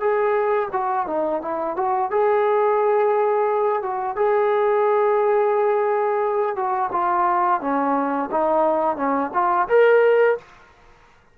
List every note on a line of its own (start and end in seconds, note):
0.00 0.69 G#4
0.72 1.07 F#4
1.07 1.41 D#4
1.42 1.76 E4
1.76 2.11 F#4
2.11 3.82 G#4
3.82 4.16 F#4
4.16 6.56 G#4
6.56 6.91 F#4
6.92 7.61 F4
7.61 8.30 C#4
8.31 8.96 D#4
8.96 9.31 C#4
9.34 9.68 F4
9.68 10.37 A#4